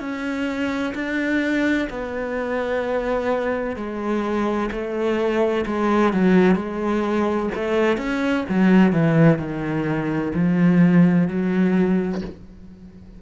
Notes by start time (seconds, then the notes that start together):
0.00 C#4
0.95 D4
1.90 B3
3.76 G#3
4.72 A3
5.66 G#3
6.14 F#3
6.56 G#3
7.56 A3
7.98 C#4
8.49 F#3
8.93 E3
9.39 D#3
10.35 F3
11.28 F#3